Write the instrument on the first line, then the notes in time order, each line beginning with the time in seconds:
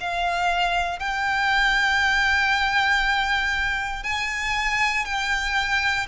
violin
0.00 F5
0.99 G5
4.04 G#5
5.05 G5